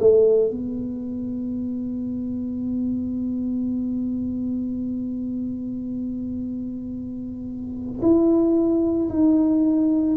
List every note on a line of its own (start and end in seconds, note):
0.00 0.51 A3
0.51 8.01 B3
8.02 9.09 E4
9.10 10.17 D#4